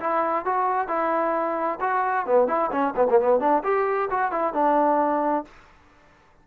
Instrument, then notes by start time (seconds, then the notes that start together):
trombone
0.00 E4
0.45 F#4
0.88 E4
1.80 F#4
2.26 B3
2.48 E4
2.71 C#4
2.96 B3
3.10 A#3
3.20 B3
3.40 D4
3.64 G4
4.11 F#4
4.32 E4
4.54 D4